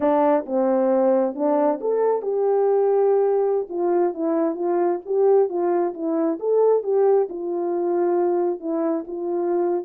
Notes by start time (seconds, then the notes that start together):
0.00 D4
0.46 C4
1.34 D4
1.80 A4
2.21 G4
3.69 F4
4.14 E4
4.55 F4
5.05 G4
5.49 F4
5.94 E4
6.39 A4
6.83 G4
7.29 F4
8.60 E4
9.07 F4